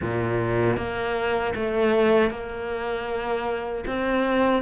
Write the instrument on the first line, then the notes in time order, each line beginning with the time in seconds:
cello
0.01 A#2
0.76 A#3
1.55 A3
2.30 A#3
3.86 C4